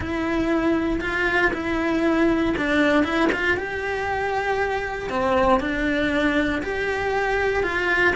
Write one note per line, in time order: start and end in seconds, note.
0.00 1.00 E4
1.00 1.51 F4
1.53 2.54 E4
2.57 3.04 D4
3.04 3.29 E4
3.32 3.57 F4
3.57 5.09 G4
5.09 5.60 C4
5.60 6.61 D4
6.62 7.63 G4
7.63 8.14 F4